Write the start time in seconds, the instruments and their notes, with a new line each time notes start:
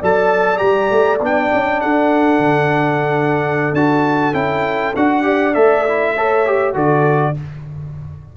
0.00 tuba F#3, trombone A4, horn D5, trumpet A5
0.58 tuba G3, trombone G4, trumpet A#5
0.91 tuba A3
1.20 tuba B3, trombone D4, trumpet G5
1.54 tuba C#4
1.81 tuba D4, horn A4, trumpet F#5
2.39 tuba D3
3.73 tuba D4, trombone F#4, trumpet A5
4.34 tuba C#4, trombone E4, trumpet G5
4.96 tuba D4, trombone F#4, trumpet F#5
5.23 trombone G4, horn D5
5.54 tuba A3, trombone A4, trumpet E5
5.88 trombone E4
6.15 trombone A4, horn C#5
6.46 trombone G4
6.74 tuba D3, trombone F#4, horn A4, trumpet D5